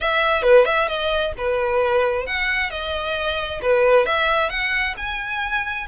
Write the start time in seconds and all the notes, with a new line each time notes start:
0.00 E5
0.42 B4
0.65 E5
0.87 D#5
1.37 B4
2.26 F#5
2.70 D#5
3.62 B4
4.06 E5
4.49 F#5
4.97 G#5